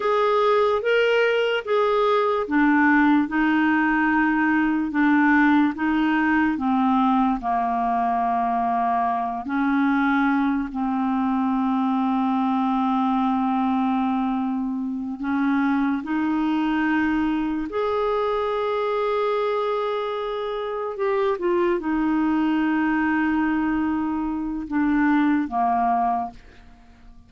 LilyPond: \new Staff \with { instrumentName = "clarinet" } { \time 4/4 \tempo 4 = 73 gis'4 ais'4 gis'4 d'4 | dis'2 d'4 dis'4 | c'4 ais2~ ais8 cis'8~ | cis'4 c'2.~ |
c'2~ c'8 cis'4 dis'8~ | dis'4. gis'2~ gis'8~ | gis'4. g'8 f'8 dis'4.~ | dis'2 d'4 ais4 | }